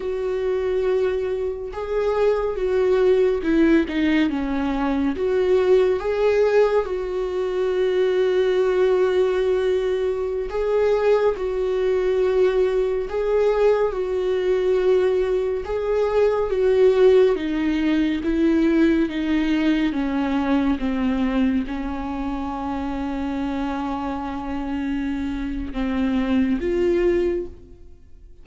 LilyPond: \new Staff \with { instrumentName = "viola" } { \time 4/4 \tempo 4 = 70 fis'2 gis'4 fis'4 | e'8 dis'8 cis'4 fis'4 gis'4 | fis'1~ | fis'16 gis'4 fis'2 gis'8.~ |
gis'16 fis'2 gis'4 fis'8.~ | fis'16 dis'4 e'4 dis'4 cis'8.~ | cis'16 c'4 cis'2~ cis'8.~ | cis'2 c'4 f'4 | }